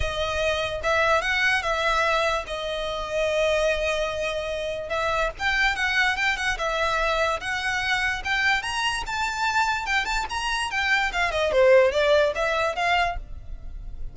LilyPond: \new Staff \with { instrumentName = "violin" } { \time 4/4 \tempo 4 = 146 dis''2 e''4 fis''4 | e''2 dis''2~ | dis''1 | e''4 g''4 fis''4 g''8 fis''8 |
e''2 fis''2 | g''4 ais''4 a''2 | g''8 a''8 ais''4 g''4 f''8 dis''8 | c''4 d''4 e''4 f''4 | }